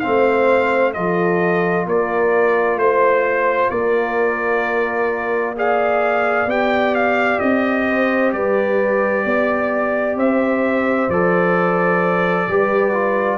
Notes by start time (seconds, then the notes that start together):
0.00 C4 C5 F5
0.06 A3
0.94 F3 F4 A4 D#5
1.86 A#3 A#4 D5
2.76 A3 C5
3.70 A#3 A#4 D5
5.56 G#4 D5 F5
6.46 B3 G4 G5
6.95 F5
7.40 C4 D#5
7.89 C5
8.33 G3 B4 D5
9.25 B3 D5
10.16 C4 C5 E5
11.09 F3 A4 D5
12.48 G3 G4 B4
12.94 F4